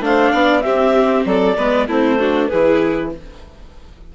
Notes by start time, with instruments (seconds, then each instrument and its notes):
0.00 bassoon A3, viola D4, violin C5, clarinet F5
0.32 bassoon B3, violin D5
0.61 viola C4, bassoon C4, violin G4, clarinet E5
1.25 bassoon F#3, violin A4, clarinet D5
1.57 bassoon G#3, viola B3, violin B4
1.87 bassoon A3, viola C4, violin E4, clarinet C5
2.19 viola D4, violin F#4
2.47 bassoon E3, viola E4, violin G#4, clarinet B4